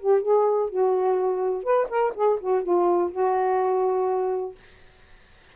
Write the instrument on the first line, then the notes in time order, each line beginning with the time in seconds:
saxophone
0.00 G4
0.22 G#4
0.70 F#4
1.63 B4
1.90 A#4
2.15 G#4
2.40 F#4
2.63 F4
3.12 F#4